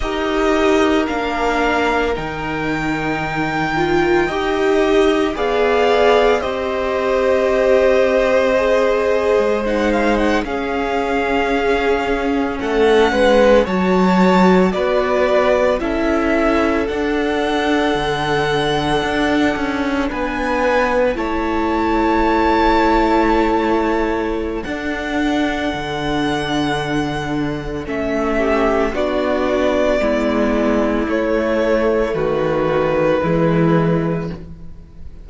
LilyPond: <<
  \new Staff \with { instrumentName = "violin" } { \time 4/4 \tempo 4 = 56 dis''4 f''4 g''2~ | g''4 f''4 dis''2~ | dis''4 fis''16 f''16 fis''16 f''2 fis''16~ | fis''8. a''4 d''4 e''4 fis''16~ |
fis''2~ fis''8. gis''4 a''16~ | a''2. fis''4~ | fis''2 e''4 d''4~ | d''4 cis''4 b'2 | }
  \new Staff \with { instrumentName = "violin" } { \time 4/4 ais'1 | dis''4 d''4 c''2~ | c''4.~ c''16 gis'2 a'16~ | a'16 b'8 cis''4 b'4 a'4~ a'16~ |
a'2~ a'8. b'4 cis''16~ | cis''2. a'4~ | a'2~ a'8 g'8 fis'4 | e'2 fis'4 e'4 | }
  \new Staff \with { instrumentName = "viola" } { \time 4/4 g'4 d'4 dis'4. f'8 | g'4 gis'4 g'2 | gis'4 dis'8. cis'2~ cis'16~ | cis'8. fis'2 e'4 d'16~ |
d'2.~ d'8. e'16~ | e'2. d'4~ | d'2 cis'4 d'4 | b4 a2 gis4 | }
  \new Staff \with { instrumentName = "cello" } { \time 4/4 dis'4 ais4 dis2 | dis'4 b4 c'2~ | c'8. gis4 cis'2 a16~ | a16 gis8 fis4 b4 cis'4 d'16~ |
d'8. d4 d'8 cis'8 b4 a16~ | a2. d'4 | d2 a4 b4 | gis4 a4 dis4 e4 | }
>>